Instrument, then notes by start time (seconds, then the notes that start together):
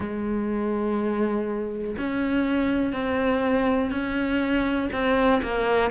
cello
0.00 G#3
1.98 C#4
2.92 C4
3.91 C#4
4.92 C4
5.42 A#3